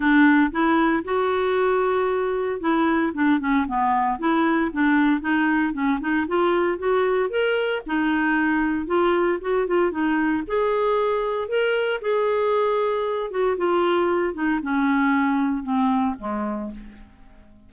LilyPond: \new Staff \with { instrumentName = "clarinet" } { \time 4/4 \tempo 4 = 115 d'4 e'4 fis'2~ | fis'4 e'4 d'8 cis'8 b4 | e'4 d'4 dis'4 cis'8 dis'8 | f'4 fis'4 ais'4 dis'4~ |
dis'4 f'4 fis'8 f'8 dis'4 | gis'2 ais'4 gis'4~ | gis'4. fis'8 f'4. dis'8 | cis'2 c'4 gis4 | }